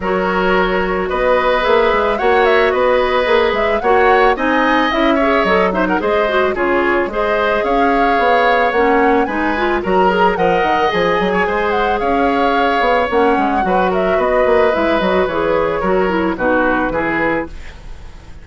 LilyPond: <<
  \new Staff \with { instrumentName = "flute" } { \time 4/4 \tempo 4 = 110 cis''2 dis''4 e''4 | fis''8 e''8 dis''4. e''8 fis''4 | gis''4 e''4 dis''8 e''16 fis''16 dis''4 | cis''4 dis''4 f''2 |
fis''4 gis''4 ais''4 fis''4 | gis''4. fis''8 f''2 | fis''4. e''8 dis''4 e''8 dis''8 | cis''2 b'2 | }
  \new Staff \with { instrumentName = "oboe" } { \time 4/4 ais'2 b'2 | cis''4 b'2 cis''4 | dis''4. cis''4 c''16 ais'16 c''4 | gis'4 c''4 cis''2~ |
cis''4 b'4 ais'4 dis''4~ | dis''8. cis''16 c''4 cis''2~ | cis''4 b'8 ais'8 b'2~ | b'4 ais'4 fis'4 gis'4 | }
  \new Staff \with { instrumentName = "clarinet" } { \time 4/4 fis'2. gis'4 | fis'2 gis'4 fis'4 | dis'4 e'8 gis'8 a'8 dis'8 gis'8 fis'8 | f'4 gis'2. |
cis'4 dis'8 f'8 fis'8 gis'8 ais'4 | gis'1 | cis'4 fis'2 e'8 fis'8 | gis'4 fis'8 e'8 dis'4 e'4 | }
  \new Staff \with { instrumentName = "bassoon" } { \time 4/4 fis2 b4 ais8 gis8 | ais4 b4 ais8 gis8 ais4 | c'4 cis'4 fis4 gis4 | cis4 gis4 cis'4 b4 |
ais4 gis4 fis4 f8 dis8 | f8 fis8 gis4 cis'4. b8 | ais8 gis8 fis4 b8 ais8 gis8 fis8 | e4 fis4 b,4 e4 | }
>>